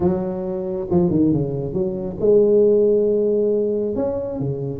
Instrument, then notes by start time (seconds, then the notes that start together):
tuba
0.00 F#3
0.90 F3
1.10 D#3
1.32 C#3
1.73 F#3
2.20 G#3
3.95 C#4
4.39 C#3